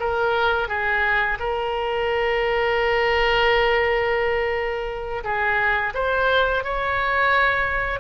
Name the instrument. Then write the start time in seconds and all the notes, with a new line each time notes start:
oboe
0.00 A#4
0.68 G#4
1.40 A#4
5.24 G#4
5.95 C5
6.64 C#5